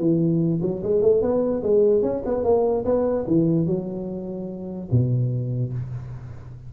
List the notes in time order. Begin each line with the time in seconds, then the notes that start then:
0.00 E3
0.63 F#3
0.83 G#3
1.02 A3
1.22 B3
1.63 G#3
2.03 C#4
2.26 B3
2.44 A#3
2.86 B3
3.27 E3
3.67 F#3
4.92 B2